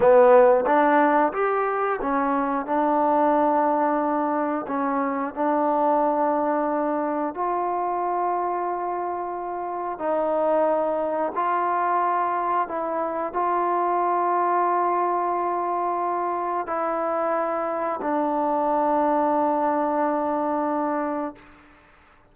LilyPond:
\new Staff \with { instrumentName = "trombone" } { \time 4/4 \tempo 4 = 90 b4 d'4 g'4 cis'4 | d'2. cis'4 | d'2. f'4~ | f'2. dis'4~ |
dis'4 f'2 e'4 | f'1~ | f'4 e'2 d'4~ | d'1 | }